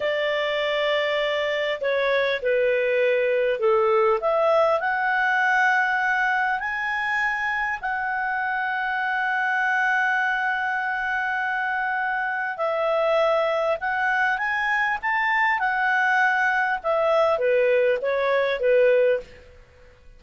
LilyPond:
\new Staff \with { instrumentName = "clarinet" } { \time 4/4 \tempo 4 = 100 d''2. cis''4 | b'2 a'4 e''4 | fis''2. gis''4~ | gis''4 fis''2.~ |
fis''1~ | fis''4 e''2 fis''4 | gis''4 a''4 fis''2 | e''4 b'4 cis''4 b'4 | }